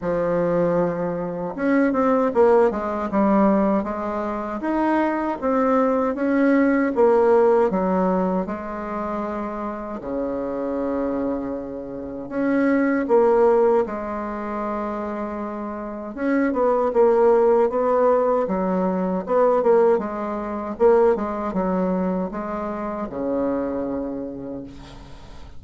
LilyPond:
\new Staff \with { instrumentName = "bassoon" } { \time 4/4 \tempo 4 = 78 f2 cis'8 c'8 ais8 gis8 | g4 gis4 dis'4 c'4 | cis'4 ais4 fis4 gis4~ | gis4 cis2. |
cis'4 ais4 gis2~ | gis4 cis'8 b8 ais4 b4 | fis4 b8 ais8 gis4 ais8 gis8 | fis4 gis4 cis2 | }